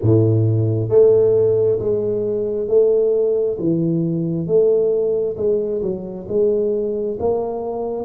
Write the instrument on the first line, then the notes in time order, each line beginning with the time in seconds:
tuba
0.02 A2
0.89 A3
1.79 G#3
2.67 A3
3.58 E3
4.47 A3
5.36 G#3
5.82 F#3
6.28 G#3
7.19 A#3